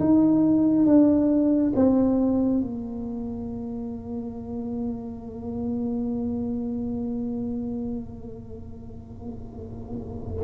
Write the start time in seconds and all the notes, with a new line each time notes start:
0.00 D#4
0.86 D4
1.75 C4
2.61 A#3